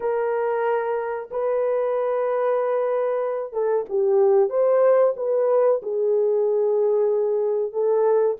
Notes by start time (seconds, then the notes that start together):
0.00 A#4
1.30 B4
3.52 A4
3.89 G4
4.49 C5
5.16 B4
5.82 G#4
7.72 A4